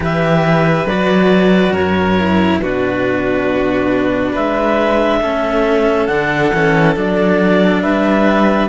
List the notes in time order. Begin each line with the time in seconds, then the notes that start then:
0.00 E3 G4 B4 E5
0.86 F#3 F#4 D5
1.72 F#2 A#4 C#5
2.19 E4
2.61 B2 D4 F#4 B4
4.32 G#3 B4 E5
5.21 A3 C#4 A4
6.06 D3 D4 F#5
6.52 E3 C#4
6.95 F#3 D4 D5
7.82 G3 B4 E5